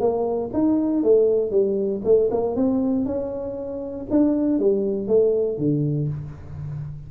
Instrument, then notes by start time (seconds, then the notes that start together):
tuba
0.00 A#3
0.53 D#4
1.03 A3
1.51 G3
2.05 A3
2.31 A#3
2.56 C4
3.05 C#4
4.10 D4
4.59 G3
5.08 A3
5.58 D3